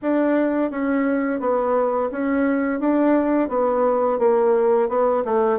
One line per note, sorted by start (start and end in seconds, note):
0.02 0.70 D4
0.70 1.40 C#4
1.40 2.09 B3
2.11 2.80 C#4
2.80 3.49 D4
3.49 4.18 B3
4.19 4.88 A#3
4.88 5.23 B3
5.24 5.59 A3